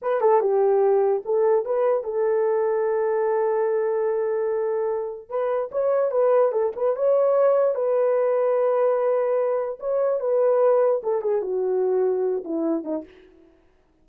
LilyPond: \new Staff \with { instrumentName = "horn" } { \time 4/4 \tempo 4 = 147 b'8 a'8 g'2 a'4 | b'4 a'2.~ | a'1~ | a'4 b'4 cis''4 b'4 |
a'8 b'8 cis''2 b'4~ | b'1 | cis''4 b'2 a'8 gis'8 | fis'2~ fis'8 e'4 dis'8 | }